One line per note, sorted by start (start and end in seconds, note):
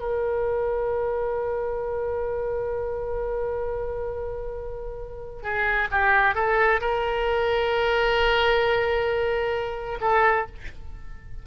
0.00 5.43 A#4
5.43 5.88 G#4
5.92 6.35 G4
6.35 6.81 A4
6.81 9.99 A#4
10.01 10.47 A4